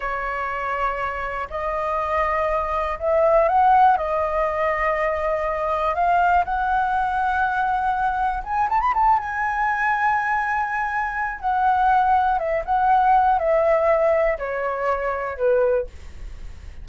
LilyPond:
\new Staff \with { instrumentName = "flute" } { \time 4/4 \tempo 4 = 121 cis''2. dis''4~ | dis''2 e''4 fis''4 | dis''1 | f''4 fis''2.~ |
fis''4 gis''8 a''16 b''16 a''8 gis''4.~ | gis''2. fis''4~ | fis''4 e''8 fis''4. e''4~ | e''4 cis''2 b'4 | }